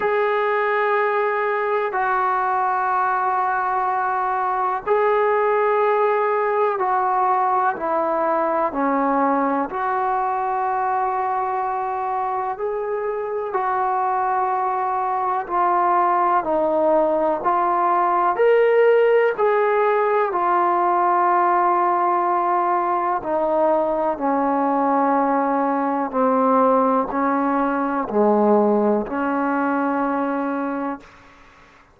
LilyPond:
\new Staff \with { instrumentName = "trombone" } { \time 4/4 \tempo 4 = 62 gis'2 fis'2~ | fis'4 gis'2 fis'4 | e'4 cis'4 fis'2~ | fis'4 gis'4 fis'2 |
f'4 dis'4 f'4 ais'4 | gis'4 f'2. | dis'4 cis'2 c'4 | cis'4 gis4 cis'2 | }